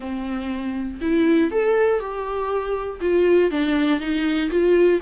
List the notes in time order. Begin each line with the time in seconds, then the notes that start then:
0.00 C4
1.01 E4
1.51 A4
2.00 G4
3.00 F4
3.50 D4
4.00 D#4
4.50 F4